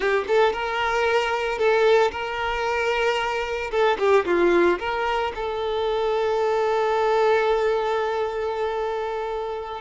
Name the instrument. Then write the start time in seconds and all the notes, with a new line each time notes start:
violin
0.00 G4
0.27 A4
0.53 A#4
1.58 A4
2.11 A#4
3.71 A4
3.98 G4
4.25 F4
4.79 A#4
5.35 A4